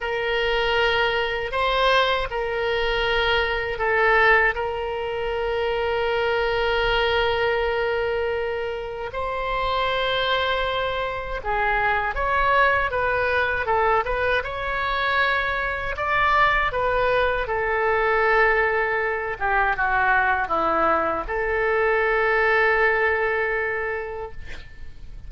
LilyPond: \new Staff \with { instrumentName = "oboe" } { \time 4/4 \tempo 4 = 79 ais'2 c''4 ais'4~ | ais'4 a'4 ais'2~ | ais'1 | c''2. gis'4 |
cis''4 b'4 a'8 b'8 cis''4~ | cis''4 d''4 b'4 a'4~ | a'4. g'8 fis'4 e'4 | a'1 | }